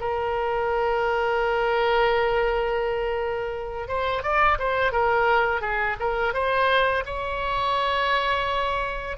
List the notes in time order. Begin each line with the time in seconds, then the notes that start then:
0.00 A#4
3.88 C5
4.23 D5
4.59 C5
4.92 A#4
5.61 G#4
5.99 A#4
6.33 C5
7.06 C#5